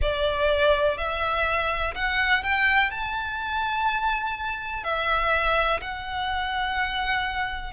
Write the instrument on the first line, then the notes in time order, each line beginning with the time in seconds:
violin
0.01 D5
0.97 E5
1.94 F#5
2.43 G5
2.90 A5
4.83 E5
5.81 F#5